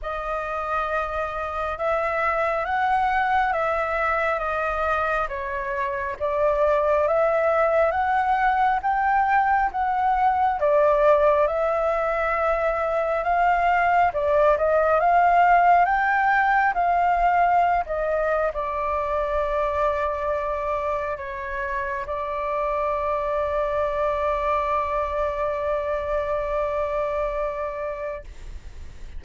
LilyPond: \new Staff \with { instrumentName = "flute" } { \time 4/4 \tempo 4 = 68 dis''2 e''4 fis''4 | e''4 dis''4 cis''4 d''4 | e''4 fis''4 g''4 fis''4 | d''4 e''2 f''4 |
d''8 dis''8 f''4 g''4 f''4~ | f''16 dis''8. d''2. | cis''4 d''2.~ | d''1 | }